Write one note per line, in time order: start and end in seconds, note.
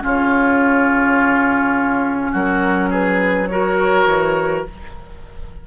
0.00 2.33 C#3
0.00 3.46 C#4
0.00 2.31 F4
0.00 2.35 C#5
2.31 4.06 F#3
2.31 2.89 F#4
2.31 2.92 A#4
2.90 3.48 G#4
2.90 3.47 B4
3.47 4.66 F#4
3.47 4.67 A#4
3.47 4.63 C#5
4.06 4.63 E3